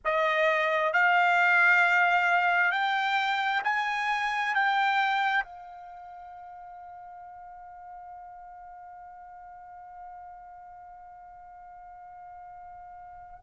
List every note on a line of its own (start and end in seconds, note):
0.05 0.93 D#5
0.93 2.71 F5
2.71 3.62 G5
3.64 4.55 G#5
4.55 5.43 G5
5.43 13.39 F5